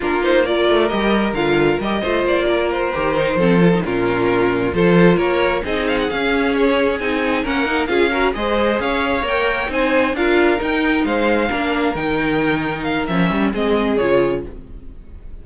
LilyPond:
<<
  \new Staff \with { instrumentName = "violin" } { \time 4/4 \tempo 4 = 133 ais'8 c''8 d''4 dis''4 f''4 | dis''4 d''4 c''2~ | c''8 ais'2 c''4 cis''8~ | cis''8 dis''8 f''16 fis''16 f''4 cis''4 gis''8~ |
gis''8 fis''4 f''4 dis''4 f''8~ | f''8 g''4 gis''4 f''4 g''8~ | g''8 f''2 g''4.~ | g''8 f''8 e''4 dis''4 cis''4 | }
  \new Staff \with { instrumentName = "violin" } { \time 4/4 f'4 ais'2.~ | ais'8 c''4 ais'2 a'8~ | a'8 f'2 a'4 ais'8~ | ais'8 gis'2.~ gis'8~ |
gis'8 ais'4 gis'8 ais'8 c''4 cis''8~ | cis''4. c''4 ais'4.~ | ais'8 c''4 ais'2~ ais'8~ | ais'2 gis'2 | }
  \new Staff \with { instrumentName = "viola" } { \time 4/4 d'8 dis'8 f'4 g'4 f'4 | g'8 f'2 g'8 dis'8 c'8 | f'16 dis'16 cis'2 f'4.~ | f'8 dis'4 cis'2 dis'8~ |
dis'8 cis'8 dis'8 f'8 fis'8 gis'4.~ | gis'8 ais'4 dis'4 f'4 dis'8~ | dis'4. d'4 dis'4.~ | dis'4 cis'4 c'4 f'4 | }
  \new Staff \with { instrumentName = "cello" } { \time 4/4 ais4. a8 g4 d4 | g8 a8 ais4. dis4 f8~ | f8 ais,2 f4 ais8~ | ais8 c'4 cis'2 c'8~ |
c'8 ais4 cis'4 gis4 cis'8~ | cis'8 ais4 c'4 d'4 dis'8~ | dis'8 gis4 ais4 dis4.~ | dis4 f8 g8 gis4 cis4 | }
>>